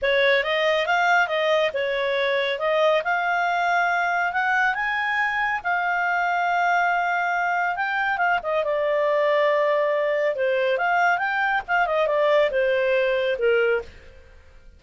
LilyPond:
\new Staff \with { instrumentName = "clarinet" } { \time 4/4 \tempo 4 = 139 cis''4 dis''4 f''4 dis''4 | cis''2 dis''4 f''4~ | f''2 fis''4 gis''4~ | gis''4 f''2.~ |
f''2 g''4 f''8 dis''8 | d''1 | c''4 f''4 g''4 f''8 dis''8 | d''4 c''2 ais'4 | }